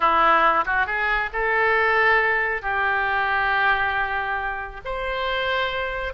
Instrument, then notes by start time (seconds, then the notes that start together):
oboe
0.00 E4
0.65 F#4
0.86 G#4
1.33 A4
2.62 G4
4.85 C5